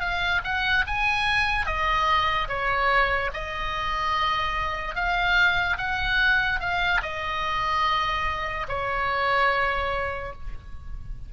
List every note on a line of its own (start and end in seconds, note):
0.00 0.41 F5
0.44 0.85 F#5
0.87 1.66 G#5
1.66 2.48 D#5
2.48 3.31 C#5
3.34 4.95 D#5
4.95 5.77 F5
5.78 6.60 F#5
6.60 7.01 F5
7.02 8.67 D#5
8.68 10.33 C#5